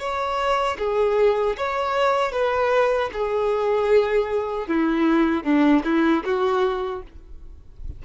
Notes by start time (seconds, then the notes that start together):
0.00 C#5
0.79 G#4
1.58 C#5
2.33 B4
3.13 G#4
4.68 E4
5.44 D4
5.85 E4
6.25 F#4